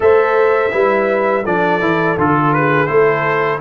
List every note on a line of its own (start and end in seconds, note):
0.00 0.71 A3
0.00 0.70 A4
0.00 0.73 C5
0.00 1.45 E5
0.71 1.45 G3
0.71 1.43 E4
0.71 1.42 B4
1.42 1.80 F3
1.42 1.80 D4
1.42 2.51 A4
1.42 2.18 D5
1.80 2.17 E3
1.80 2.16 E4
2.17 2.88 D3
2.17 2.87 F4
2.17 2.53 A4
2.53 2.90 G#4
2.53 2.86 B4
2.86 3.60 A3
2.86 3.59 E4
2.86 3.60 A4
2.86 3.58 C5